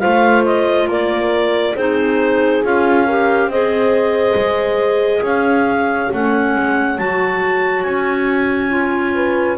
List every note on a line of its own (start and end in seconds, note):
0.00 0.87 A3
0.00 1.75 F4
0.00 0.88 C5
0.00 0.43 F5
0.45 0.89 D#5
0.87 1.74 A#3
0.87 1.76 A#4
0.87 1.77 D5
1.76 2.63 C4
1.76 2.64 D#4
1.76 3.06 G#4
1.76 2.64 C5
2.64 3.47 C#4
2.64 3.07 F4
2.64 3.50 F5
3.06 3.52 G4
3.06 3.49 A#4
3.47 4.34 C4
3.47 6.12 G#4
3.47 5.23 C5
3.47 5.24 D#5
4.35 5.22 G#3
5.22 6.09 C#4
5.22 9.14 C#5
5.22 6.12 F5
6.12 6.56 A3
6.12 6.98 C#4
6.12 6.98 F#5
6.56 6.99 G#3
6.98 7.85 F#3
6.98 8.70 F#4
6.98 7.83 A5
7.83 9.58 C#4
7.83 9.57 G#5
8.70 9.57 F4
9.15 9.58 B4